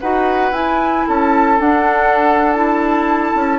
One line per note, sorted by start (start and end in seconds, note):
0.00 0.52 D#4
0.00 0.52 F#4
0.00 1.08 B4
0.00 0.53 F#5
0.52 1.05 E4
0.52 1.59 E4
0.52 1.07 G#5
1.08 1.60 C#4
1.08 3.59 A4
1.08 1.60 A5
1.59 2.52 D4
1.59 3.34 D4
1.59 2.53 F#5
2.53 3.59 E4
2.53 3.59 A5
3.35 3.59 C#4